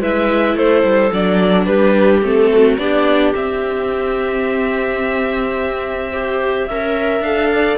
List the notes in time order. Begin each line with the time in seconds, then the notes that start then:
0.00 G#3 E4 B4 E5
0.55 A3 A4 C5
0.83 G3
1.12 F#3 D4 D5
1.65 G3 G4 B4
2.22 A3 C4 A4
2.52 F#4
2.77 B3 D4 G4 D5
3.34 C4 E5
6.12 G4 C5
6.66 C#4 A#4 E5
7.20 D4 A4 F5
7.51 D5